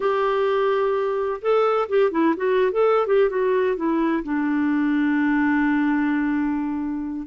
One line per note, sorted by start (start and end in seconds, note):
0.00 1.40 G4
1.41 1.88 A4
1.89 2.11 G4
2.11 2.34 E4
2.36 2.71 F#4
2.71 3.07 A4
3.07 3.29 G4
3.29 3.76 F#4
3.76 4.23 E4
4.23 7.27 D4